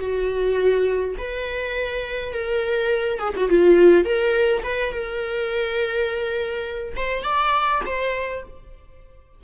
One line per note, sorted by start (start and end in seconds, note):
0.00 1.15 F#4
1.18 2.33 B4
2.33 3.19 A#4
3.19 3.34 G#4
3.36 3.50 F#4
3.50 4.05 F4
4.05 4.63 A#4
4.64 4.93 B4
4.93 6.95 A#4
6.97 7.24 C5
7.24 7.82 D5
7.86 8.44 C5